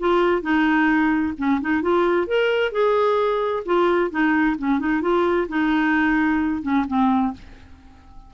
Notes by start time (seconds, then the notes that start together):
0.00 F4
0.42 D#4
1.38 C#4
1.62 D#4
1.82 F4
2.28 A#4
2.72 G#4
3.66 F4
4.11 D#4
4.59 C#4
4.80 D#4
5.02 F4
5.49 D#4
6.63 C#4
6.88 C4